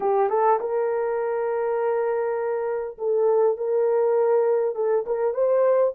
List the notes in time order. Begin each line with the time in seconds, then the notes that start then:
0.00 G4
0.29 A4
0.59 A#4
2.98 A4
3.57 A#4
4.75 A4
5.06 A#4
5.34 C5